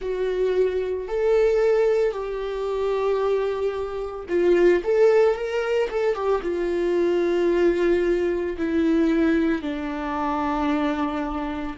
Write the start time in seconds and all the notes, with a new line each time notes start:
0.01 F#4
1.08 A4
2.11 G4
4.29 F4
4.84 A4
5.35 A#4
5.90 A4
6.14 G4
6.42 F4
8.57 E4
9.62 D4